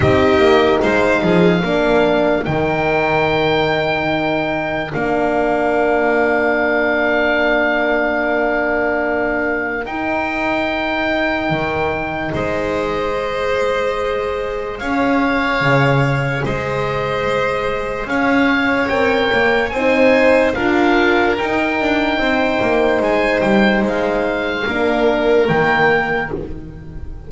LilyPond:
<<
  \new Staff \with { instrumentName = "oboe" } { \time 4/4 \tempo 4 = 73 dis''4 f''2 g''4~ | g''2 f''2~ | f''1 | g''2. dis''4~ |
dis''2 f''2 | dis''2 f''4 g''4 | gis''4 f''4 g''2 | gis''8 g''8 f''2 g''4 | }
  \new Staff \with { instrumentName = "violin" } { \time 4/4 g'4 c''8 gis'8 ais'2~ | ais'1~ | ais'1~ | ais'2. c''4~ |
c''2 cis''2 | c''2 cis''2 | c''4 ais'2 c''4~ | c''2 ais'2 | }
  \new Staff \with { instrumentName = "horn" } { \time 4/4 dis'2 d'4 dis'4~ | dis'2 d'2~ | d'1 | dis'1 |
gis'1~ | gis'2. ais'4 | dis'4 f'4 dis'2~ | dis'2 d'4 ais4 | }
  \new Staff \with { instrumentName = "double bass" } { \time 4/4 c'8 ais8 gis8 f8 ais4 dis4~ | dis2 ais2~ | ais1 | dis'2 dis4 gis4~ |
gis2 cis'4 cis4 | gis2 cis'4 c'8 ais8 | c'4 d'4 dis'8 d'8 c'8 ais8 | gis8 g8 gis4 ais4 dis4 | }
>>